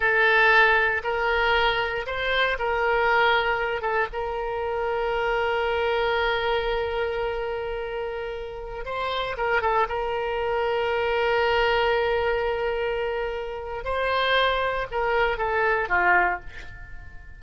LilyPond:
\new Staff \with { instrumentName = "oboe" } { \time 4/4 \tempo 4 = 117 a'2 ais'2 | c''4 ais'2~ ais'8 a'8 | ais'1~ | ais'1~ |
ais'4~ ais'16 c''4 ais'8 a'8 ais'8.~ | ais'1~ | ais'2. c''4~ | c''4 ais'4 a'4 f'4 | }